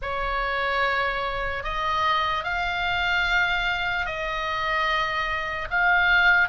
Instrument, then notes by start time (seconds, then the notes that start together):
oboe
0.01 C#5
1.63 D#5
2.43 F5
4.05 D#5
5.70 F5